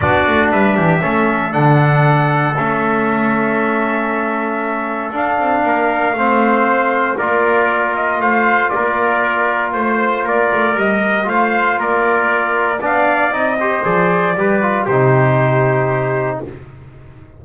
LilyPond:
<<
  \new Staff \with { instrumentName = "trumpet" } { \time 4/4 \tempo 4 = 117 d''4 e''2 fis''4~ | fis''4 e''2.~ | e''2 f''2~ | f''2 d''4. dis''8 |
f''4 d''2 c''4 | d''4 dis''4 f''4 d''4~ | d''4 f''4 dis''4 d''4~ | d''4 c''2. | }
  \new Staff \with { instrumentName = "trumpet" } { \time 4/4 fis'4 b'8 g'8 a'2~ | a'1~ | a'2. ais'4 | c''2 ais'2 |
c''4 ais'2 c''4 | ais'2 c''4 ais'4~ | ais'4 d''4. c''4. | b'4 g'2. | }
  \new Staff \with { instrumentName = "trombone" } { \time 4/4 d'2 cis'4 d'4~ | d'4 cis'2.~ | cis'2 d'2 | c'2 f'2~ |
f'1~ | f'4 g'4 f'2~ | f'4 d'4 dis'8 g'8 gis'4 | g'8 f'8 dis'2. | }
  \new Staff \with { instrumentName = "double bass" } { \time 4/4 b8 a8 g8 e8 a4 d4~ | d4 a2.~ | a2 d'8 c'8 ais4 | a2 ais2 |
a4 ais2 a4 | ais8 a8 g4 a4 ais4~ | ais4 b4 c'4 f4 | g4 c2. | }
>>